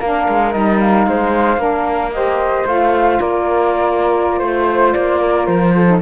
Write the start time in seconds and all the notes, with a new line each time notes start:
0.00 A#3 D4 A#4 F5
0.28 G#3
0.52 G3 D#4 D#5
0.80 F5
1.07 G#3 C5
1.57 A#3 D4 A#4
2.12 G4 C5 D#5
2.66 A3 F4 F5
3.20 A#3 A#4 D5
4.39 A3 C5
4.93 A#3 D5
5.19 A#4
5.46 F3 C5
5.75 A4
5.87 D#4